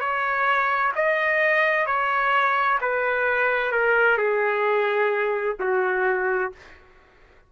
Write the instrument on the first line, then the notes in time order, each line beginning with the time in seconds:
trumpet
0.00 C#5
0.95 D#5
1.86 C#5
2.81 B4
3.72 A#4
4.17 G#4
5.60 F#4